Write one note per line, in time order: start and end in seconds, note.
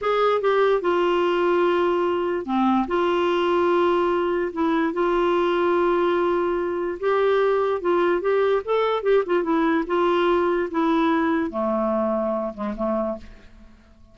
0.01 0.41 G#4
0.41 0.81 G4
0.81 2.45 F4
2.45 2.86 C4
2.87 4.51 F4
4.52 4.93 E4
4.93 6.98 F4
7.00 7.81 G4
7.81 8.21 F4
8.21 8.62 G4
8.65 9.02 A4
9.02 9.23 G4
9.26 9.43 F4
9.43 9.84 E4
9.86 10.69 F4
10.70 11.50 E4
11.50 12.53 A3
12.53 12.74 G#3
12.76 13.17 A3